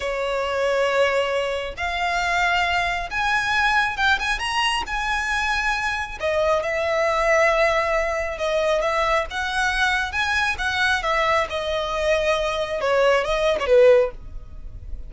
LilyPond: \new Staff \with { instrumentName = "violin" } { \time 4/4 \tempo 4 = 136 cis''1 | f''2. gis''4~ | gis''4 g''8 gis''8 ais''4 gis''4~ | gis''2 dis''4 e''4~ |
e''2. dis''4 | e''4 fis''2 gis''4 | fis''4 e''4 dis''2~ | dis''4 cis''4 dis''8. cis''16 b'4 | }